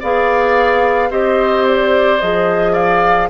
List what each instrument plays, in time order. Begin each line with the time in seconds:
0.00 bassoon B3, clarinet G#4, oboe D5, flute F5
1.10 bassoon C4, clarinet G4, oboe C5, flute D#5
1.67 flute D5
2.21 bassoon F3, clarinet G#4, flute D#5
2.72 oboe D5, flute F5